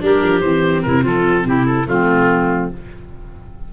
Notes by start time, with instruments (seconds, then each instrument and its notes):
0.00 tuba G3, viola D4, clarinet G4, oboe A#4
0.23 tuba F3
0.40 tuba E3, viola C4, oboe C5
0.82 tuba C3, clarinet E4, oboe A#4
1.01 tuba F3, clarinet F4, oboe A4
1.45 tuba C3, clarinet E4, oboe G4
1.66 oboe A4
1.86 tuba F3, viola A3, clarinet C4, oboe F4